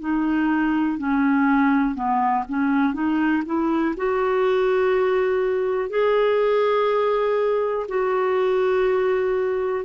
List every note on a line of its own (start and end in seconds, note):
0.00 0.98 D#4
0.98 1.95 C#4
1.95 2.44 B3
2.49 2.94 C#4
2.94 3.43 D#4
3.46 3.95 E4
3.97 5.90 F#4
5.90 7.86 G#4
7.88 9.85 F#4